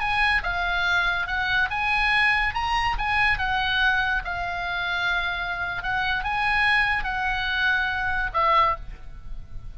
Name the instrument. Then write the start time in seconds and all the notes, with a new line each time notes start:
oboe
0.00 G#5
0.43 F5
1.27 F#5
1.70 G#5
2.54 A#5
2.98 G#5
3.38 F#5
4.25 F5
5.83 F#5
6.24 G#5
7.04 F#5
8.34 E5